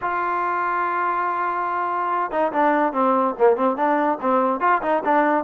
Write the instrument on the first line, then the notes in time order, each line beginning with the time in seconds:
trombone
0.01 F4
2.31 D#4
2.52 D4
2.92 C4
3.38 A#3
3.56 C4
3.76 D4
4.20 C4
4.60 F4
4.82 D#4
5.04 D4